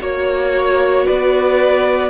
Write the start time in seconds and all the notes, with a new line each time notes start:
0.00 A#3 F#4 C#5
1.06 B3 B4 D5